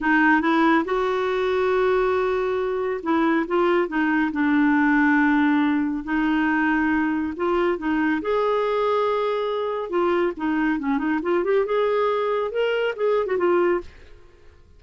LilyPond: \new Staff \with { instrumentName = "clarinet" } { \time 4/4 \tempo 4 = 139 dis'4 e'4 fis'2~ | fis'2. e'4 | f'4 dis'4 d'2~ | d'2 dis'2~ |
dis'4 f'4 dis'4 gis'4~ | gis'2. f'4 | dis'4 cis'8 dis'8 f'8 g'8 gis'4~ | gis'4 ais'4 gis'8. fis'16 f'4 | }